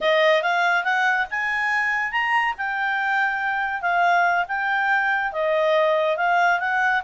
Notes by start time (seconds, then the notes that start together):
0.00 D#5
0.42 F5
0.84 F#5
1.30 G#5
2.11 A#5
2.57 G5
3.81 F5
4.48 G5
5.32 D#5
6.16 F5
6.59 F#5